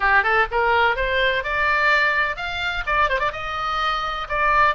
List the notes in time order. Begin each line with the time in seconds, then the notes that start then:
0.00 G4
0.23 A4
0.51 A#4
0.96 C5
1.43 D5
2.36 F5
2.86 D5
3.09 C5
3.19 D5
3.32 D#5
4.28 D5